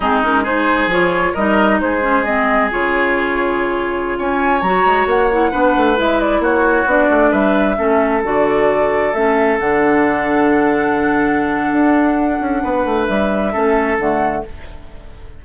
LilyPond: <<
  \new Staff \with { instrumentName = "flute" } { \time 4/4 \tempo 4 = 133 gis'8 ais'8 c''4 cis''4 dis''4 | c''4 dis''4 cis''2~ | cis''4~ cis''16 gis''4 ais''4 fis''8.~ | fis''4~ fis''16 e''8 d''8 cis''4 d''8.~ |
d''16 e''2 d''4.~ d''16~ | d''16 e''4 fis''2~ fis''8.~ | fis''1~ | fis''4 e''2 fis''4 | }
  \new Staff \with { instrumentName = "oboe" } { \time 4/4 dis'4 gis'2 ais'4 | gis'1~ | gis'4~ gis'16 cis''2~ cis''8.~ | cis''16 b'2 fis'4.~ fis'16~ |
fis'16 b'4 a'2~ a'8.~ | a'1~ | a'1 | b'2 a'2 | }
  \new Staff \with { instrumentName = "clarinet" } { \time 4/4 c'8 cis'8 dis'4 f'4 dis'4~ | dis'8 cis'8 c'4 f'2~ | f'2~ f'16 fis'4. e'16~ | e'16 d'4 e'2 d'8.~ |
d'4~ d'16 cis'4 fis'4.~ fis'16~ | fis'16 cis'4 d'2~ d'8.~ | d'1~ | d'2 cis'4 a4 | }
  \new Staff \with { instrumentName = "bassoon" } { \time 4/4 gis2 f4 g4 | gis2 cis2~ | cis4~ cis16 cis'4 fis8 gis8 ais8.~ | ais16 b8 a8 gis4 ais4 b8 a16~ |
a16 g4 a4 d4.~ d16~ | d16 a4 d2~ d8.~ | d2 d'4. cis'8 | b8 a8 g4 a4 d4 | }
>>